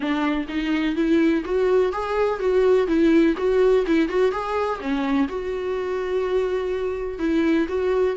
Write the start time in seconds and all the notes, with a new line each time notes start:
0.00 D4
0.48 D#4
0.95 E4
1.44 F#4
1.92 G#4
2.39 F#4
2.87 E4
3.37 F#4
3.86 E4
4.08 F#4
4.31 G#4
4.80 C#4
5.28 F#4
7.18 E4
7.68 F#4